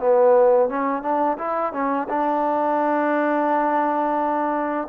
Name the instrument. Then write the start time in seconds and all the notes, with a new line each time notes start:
trombone
0.00 B3
0.70 C#4
1.03 D4
1.38 E4
1.73 C#4
2.09 D4